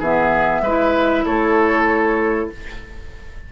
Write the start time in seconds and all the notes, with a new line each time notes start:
0.00 E3 B3 G#4 E5
0.62 G#3 E4 B4
1.26 A3 A4 C#5